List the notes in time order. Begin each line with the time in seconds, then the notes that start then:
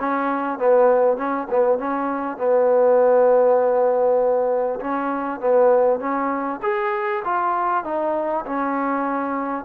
0.00 C#4
0.59 B3
1.18 C#4
1.50 B3
1.79 C#4
2.38 B3
4.81 C#4
5.40 B3
6.00 C#4
6.63 G#4
7.25 F4
7.85 D#4
8.46 C#4